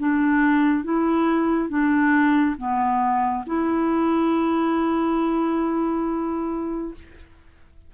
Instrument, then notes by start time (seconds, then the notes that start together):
clarinet
0.00 D4
0.84 E4
1.70 D4
2.58 B3
3.47 E4